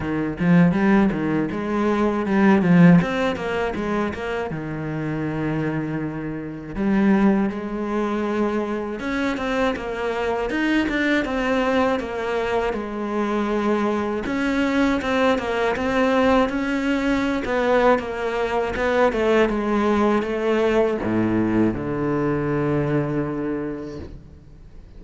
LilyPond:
\new Staff \with { instrumentName = "cello" } { \time 4/4 \tempo 4 = 80 dis8 f8 g8 dis8 gis4 g8 f8 | c'8 ais8 gis8 ais8 dis2~ | dis4 g4 gis2 | cis'8 c'8 ais4 dis'8 d'8 c'4 |
ais4 gis2 cis'4 | c'8 ais8 c'4 cis'4~ cis'16 b8. | ais4 b8 a8 gis4 a4 | a,4 d2. | }